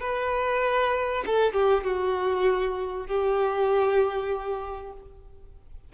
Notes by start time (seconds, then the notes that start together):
0.00 B4
1.26 A4
1.53 G4
1.84 F#4
3.07 G4